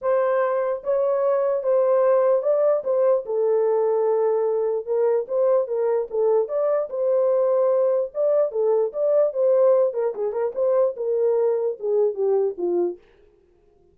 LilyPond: \new Staff \with { instrumentName = "horn" } { \time 4/4 \tempo 4 = 148 c''2 cis''2 | c''2 d''4 c''4 | a'1 | ais'4 c''4 ais'4 a'4 |
d''4 c''2. | d''4 a'4 d''4 c''4~ | c''8 ais'8 gis'8 ais'8 c''4 ais'4~ | ais'4 gis'4 g'4 f'4 | }